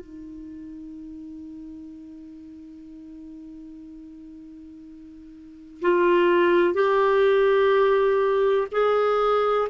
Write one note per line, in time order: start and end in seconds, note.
0.00 5.81 D#4
5.82 6.74 F4
6.74 8.67 G4
8.71 9.68 G#4